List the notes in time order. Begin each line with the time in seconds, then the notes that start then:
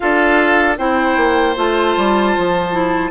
0.00 D4 F4 A4 F5
0.78 C4 E4 C5 G5
1.16 A#3
1.55 A3 F4 A5
1.97 G3
2.37 F3
2.71 E4